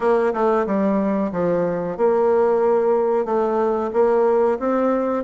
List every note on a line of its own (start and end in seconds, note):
0.00 0.33 A#3
0.33 0.66 A3
0.66 1.31 G3
1.32 1.97 F3
1.97 3.25 A#3
3.25 3.90 A3
3.93 4.58 A#3
4.59 5.24 C4